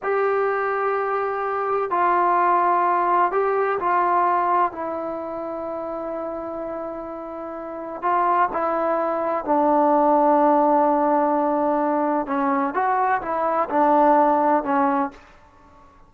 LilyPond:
\new Staff \with { instrumentName = "trombone" } { \time 4/4 \tempo 4 = 127 g'1 | f'2. g'4 | f'2 e'2~ | e'1~ |
e'4 f'4 e'2 | d'1~ | d'2 cis'4 fis'4 | e'4 d'2 cis'4 | }